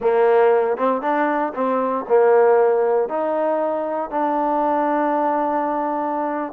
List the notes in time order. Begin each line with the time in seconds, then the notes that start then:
0.00 A#3
0.77 C4
1.01 D4
1.54 C4
2.08 A#3
3.08 D#4
4.10 D4